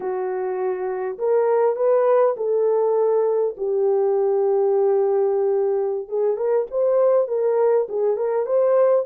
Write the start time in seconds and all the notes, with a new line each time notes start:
0.00 F#4
1.18 A#4
1.76 B4
2.36 A4
3.57 G4
6.08 G#4
6.36 A#4
6.70 C5
7.27 A#4
7.88 G#4
8.17 A#4
8.46 C5